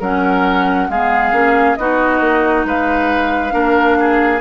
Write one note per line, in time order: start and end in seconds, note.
0.00 0.89 F#3
0.00 0.90 C#4
0.00 0.88 A#4
0.00 0.90 F#5
0.89 1.33 G#3
0.89 1.33 B3
0.89 1.79 G#4
0.89 1.76 F5
1.33 1.77 A#3
1.33 1.77 C#4
1.76 2.21 B3
1.76 3.51 D#4
1.76 2.67 F#4
1.76 2.65 D#5
2.21 2.65 A#3
2.65 3.53 G#3
2.65 3.54 B4
2.65 4.41 F5
3.51 4.41 A#3
3.51 4.39 D4
3.51 3.98 A#4
4.00 4.41 G#4